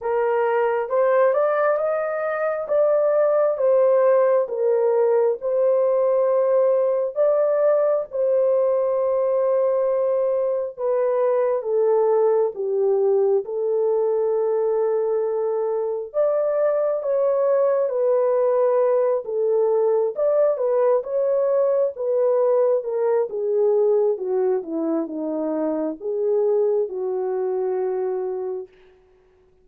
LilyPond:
\new Staff \with { instrumentName = "horn" } { \time 4/4 \tempo 4 = 67 ais'4 c''8 d''8 dis''4 d''4 | c''4 ais'4 c''2 | d''4 c''2. | b'4 a'4 g'4 a'4~ |
a'2 d''4 cis''4 | b'4. a'4 d''8 b'8 cis''8~ | cis''8 b'4 ais'8 gis'4 fis'8 e'8 | dis'4 gis'4 fis'2 | }